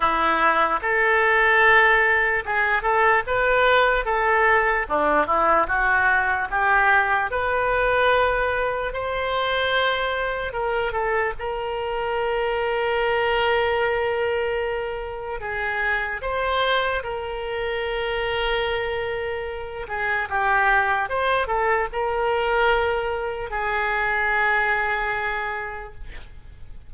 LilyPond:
\new Staff \with { instrumentName = "oboe" } { \time 4/4 \tempo 4 = 74 e'4 a'2 gis'8 a'8 | b'4 a'4 d'8 e'8 fis'4 | g'4 b'2 c''4~ | c''4 ais'8 a'8 ais'2~ |
ais'2. gis'4 | c''4 ais'2.~ | ais'8 gis'8 g'4 c''8 a'8 ais'4~ | ais'4 gis'2. | }